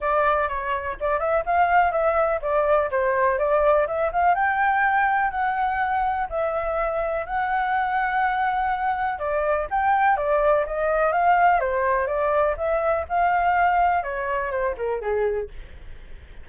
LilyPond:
\new Staff \with { instrumentName = "flute" } { \time 4/4 \tempo 4 = 124 d''4 cis''4 d''8 e''8 f''4 | e''4 d''4 c''4 d''4 | e''8 f''8 g''2 fis''4~ | fis''4 e''2 fis''4~ |
fis''2. d''4 | g''4 d''4 dis''4 f''4 | c''4 d''4 e''4 f''4~ | f''4 cis''4 c''8 ais'8 gis'4 | }